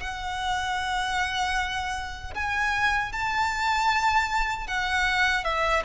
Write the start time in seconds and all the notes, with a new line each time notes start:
0.00 F#5
2.34 G#5
3.12 A5
4.67 F#5
5.44 E5